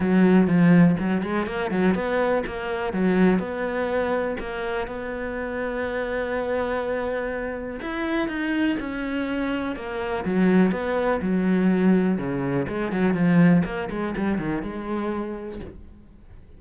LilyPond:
\new Staff \with { instrumentName = "cello" } { \time 4/4 \tempo 4 = 123 fis4 f4 fis8 gis8 ais8 fis8 | b4 ais4 fis4 b4~ | b4 ais4 b2~ | b1 |
e'4 dis'4 cis'2 | ais4 fis4 b4 fis4~ | fis4 cis4 gis8 fis8 f4 | ais8 gis8 g8 dis8 gis2 | }